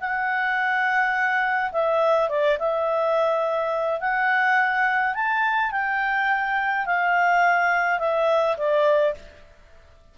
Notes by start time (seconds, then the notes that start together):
0.00 F#5
1.72 E5
2.29 D5
2.59 E5
4.00 F#5
5.14 A5
5.72 G5
6.86 F5
7.99 E5
8.57 D5